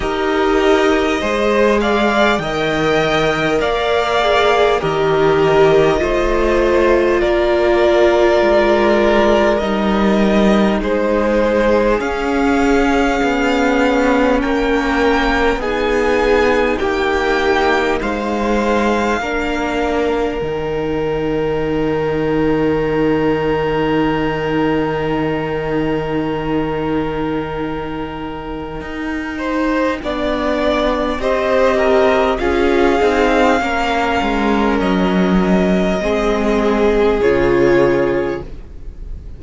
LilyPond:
<<
  \new Staff \with { instrumentName = "violin" } { \time 4/4 \tempo 4 = 50 dis''4. f''8 g''4 f''4 | dis''2 d''2 | dis''4 c''4 f''2 | g''4 gis''4 g''4 f''4~ |
f''4 g''2.~ | g''1~ | g''2 dis''4 f''4~ | f''4 dis''2 cis''4 | }
  \new Staff \with { instrumentName = "violin" } { \time 4/4 ais'4 c''8 d''8 dis''4 d''4 | ais'4 c''4 ais'2~ | ais'4 gis'2. | ais'4 gis'4 g'4 c''4 |
ais'1~ | ais'1~ | ais'8 c''8 d''4 c''8 ais'8 gis'4 | ais'2 gis'2 | }
  \new Staff \with { instrumentName = "viola" } { \time 4/4 g'4 gis'4 ais'4. gis'8 | g'4 f'2. | dis'2 cis'2~ | cis'4 dis'2. |
d'4 dis'2.~ | dis'1~ | dis'4 d'4 g'4 f'8 dis'8 | cis'2 c'4 f'4 | }
  \new Staff \with { instrumentName = "cello" } { \time 4/4 dis'4 gis4 dis4 ais4 | dis4 a4 ais4 gis4 | g4 gis4 cis'4 b4 | ais4 b4 ais4 gis4 |
ais4 dis2.~ | dis1 | dis'4 b4 c'4 cis'8 c'8 | ais8 gis8 fis4 gis4 cis4 | }
>>